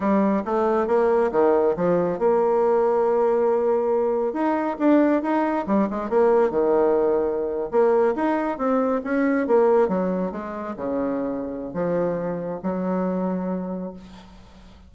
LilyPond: \new Staff \with { instrumentName = "bassoon" } { \time 4/4 \tempo 4 = 138 g4 a4 ais4 dis4 | f4 ais2.~ | ais2 dis'4 d'4 | dis'4 g8 gis8 ais4 dis4~ |
dis4.~ dis16 ais4 dis'4 c'16~ | c'8. cis'4 ais4 fis4 gis16~ | gis8. cis2~ cis16 f4~ | f4 fis2. | }